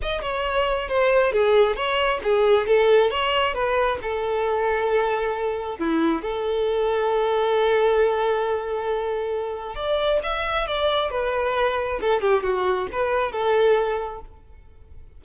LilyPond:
\new Staff \with { instrumentName = "violin" } { \time 4/4 \tempo 4 = 135 dis''8 cis''4. c''4 gis'4 | cis''4 gis'4 a'4 cis''4 | b'4 a'2.~ | a'4 e'4 a'2~ |
a'1~ | a'2 d''4 e''4 | d''4 b'2 a'8 g'8 | fis'4 b'4 a'2 | }